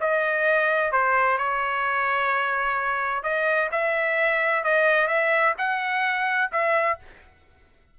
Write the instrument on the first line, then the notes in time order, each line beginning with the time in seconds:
trumpet
0.00 D#5
0.92 C5
1.38 C#5
3.23 D#5
3.71 E5
4.64 D#5
5.07 E5
5.58 F#5
6.52 E5